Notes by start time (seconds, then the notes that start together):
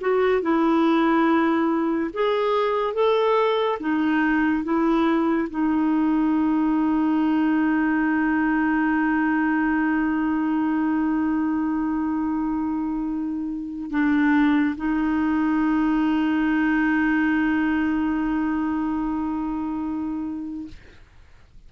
0.00 F#4
0.41 E4
2.13 G#4
2.93 A4
3.79 D#4
4.64 E4
5.50 D#4
13.91 D4
14.76 D#4